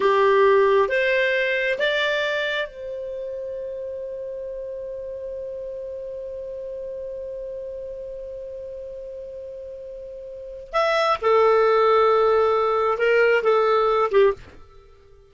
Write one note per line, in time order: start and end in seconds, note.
0.00 0.89 G4
0.89 1.78 C5
1.78 2.67 D5
2.67 10.72 C5
10.72 11.17 E5
11.21 12.97 A4
12.97 13.42 A#4
13.43 14.10 A4
14.11 14.33 G4